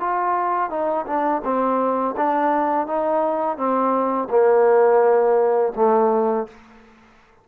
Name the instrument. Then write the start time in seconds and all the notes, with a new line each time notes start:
trombone
0.00 F4
0.70 D#4
1.06 D4
1.44 C4
2.17 D4
2.87 D#4
3.57 C4
4.30 A#3
5.76 A3